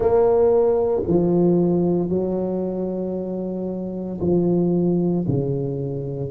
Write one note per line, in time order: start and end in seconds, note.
0.00 1.02 A#3
1.07 2.09 F3
2.09 4.20 F#3
4.21 5.26 F3
5.27 6.31 C#3